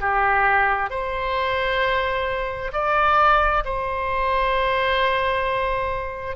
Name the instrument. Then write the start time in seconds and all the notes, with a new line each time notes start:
oboe
0.00 G4
0.90 C5
2.73 D5
3.65 C5